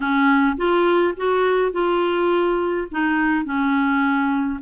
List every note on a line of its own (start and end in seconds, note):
0.00 0.56 C#4
0.56 1.14 F4
1.16 1.72 F#4
1.72 2.87 F4
2.91 3.44 D#4
3.44 4.60 C#4